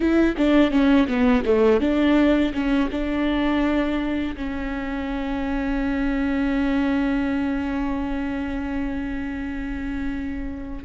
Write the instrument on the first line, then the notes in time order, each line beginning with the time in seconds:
viola
0.00 E4
0.37 D4
0.70 C#4
1.07 B3
1.45 A3
1.80 D4
2.53 C#4
2.91 D4
4.36 C#4